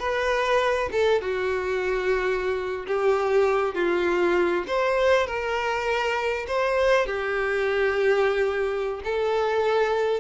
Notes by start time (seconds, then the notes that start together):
0.00 B4
0.92 A4
1.22 F#4
2.87 G4
3.75 F4
4.68 C5
5.27 A#4
6.48 C5
7.07 G4
9.05 A4